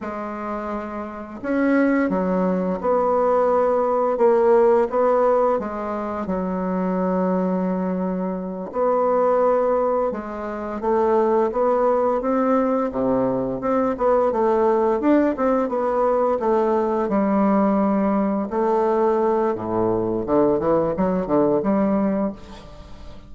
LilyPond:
\new Staff \with { instrumentName = "bassoon" } { \time 4/4 \tempo 4 = 86 gis2 cis'4 fis4 | b2 ais4 b4 | gis4 fis2.~ | fis8 b2 gis4 a8~ |
a8 b4 c'4 c4 c'8 | b8 a4 d'8 c'8 b4 a8~ | a8 g2 a4. | a,4 d8 e8 fis8 d8 g4 | }